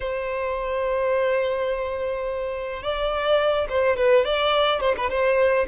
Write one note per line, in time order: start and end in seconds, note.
0.00 2.83 C5
2.83 3.67 D5
3.69 3.96 C5
3.96 4.25 B4
4.25 4.80 D5
4.80 4.94 C5
4.97 5.09 B4
5.09 5.66 C5